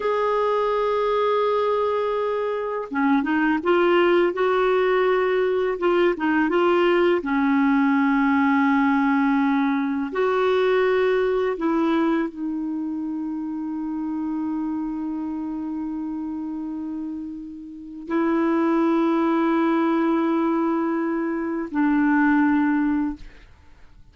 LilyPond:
\new Staff \with { instrumentName = "clarinet" } { \time 4/4 \tempo 4 = 83 gis'1 | cis'8 dis'8 f'4 fis'2 | f'8 dis'8 f'4 cis'2~ | cis'2 fis'2 |
e'4 dis'2.~ | dis'1~ | dis'4 e'2.~ | e'2 d'2 | }